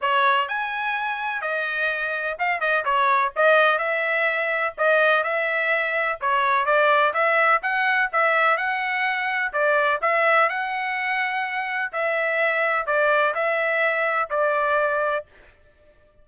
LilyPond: \new Staff \with { instrumentName = "trumpet" } { \time 4/4 \tempo 4 = 126 cis''4 gis''2 dis''4~ | dis''4 f''8 dis''8 cis''4 dis''4 | e''2 dis''4 e''4~ | e''4 cis''4 d''4 e''4 |
fis''4 e''4 fis''2 | d''4 e''4 fis''2~ | fis''4 e''2 d''4 | e''2 d''2 | }